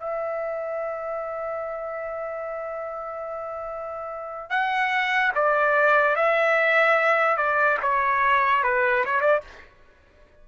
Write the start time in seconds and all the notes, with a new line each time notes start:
0.00 E5
4.51 F#5
5.35 D5
6.16 E5
7.37 D5
7.83 C#5
8.64 B4
9.06 C#5
9.21 D5